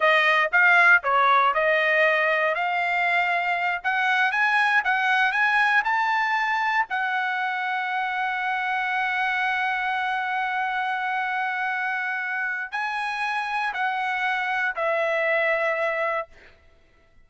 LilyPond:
\new Staff \with { instrumentName = "trumpet" } { \time 4/4 \tempo 4 = 118 dis''4 f''4 cis''4 dis''4~ | dis''4 f''2~ f''8 fis''8~ | fis''8 gis''4 fis''4 gis''4 a''8~ | a''4. fis''2~ fis''8~ |
fis''1~ | fis''1~ | fis''4 gis''2 fis''4~ | fis''4 e''2. | }